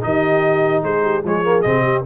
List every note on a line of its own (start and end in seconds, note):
0.00 0.82 D#3
0.00 1.22 D#4
0.00 0.84 G4
0.00 0.83 D#5
0.82 1.23 G#3
0.82 1.03 G#4
0.82 1.24 C5
1.03 1.23 G4
1.23 1.64 F3
1.23 1.43 G#3
1.23 1.83 G#4
1.23 1.61 C#5
1.43 1.64 A#3
1.61 2.05 C3
1.61 2.04 C4
1.61 2.02 D#5
1.83 2.03 G4